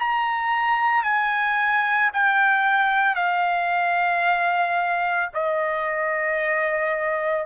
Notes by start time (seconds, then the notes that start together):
0.00 A#5
1.04 G#5
2.14 G5
3.16 F5
5.34 D#5